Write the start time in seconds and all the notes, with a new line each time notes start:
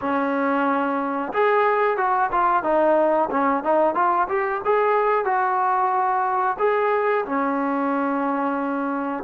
0.01 C#4
1.33 G#4
1.97 F#4
2.31 F4
2.63 D#4
3.30 C#4
3.63 D#4
3.94 F4
4.28 G4
4.64 G#4
5.24 F#4
6.58 G#4
7.25 C#4